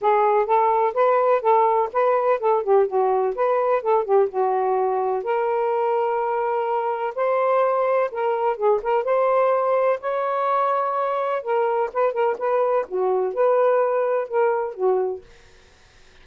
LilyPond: \new Staff \with { instrumentName = "saxophone" } { \time 4/4 \tempo 4 = 126 gis'4 a'4 b'4 a'4 | b'4 a'8 g'8 fis'4 b'4 | a'8 g'8 fis'2 ais'4~ | ais'2. c''4~ |
c''4 ais'4 gis'8 ais'8 c''4~ | c''4 cis''2. | ais'4 b'8 ais'8 b'4 fis'4 | b'2 ais'4 fis'4 | }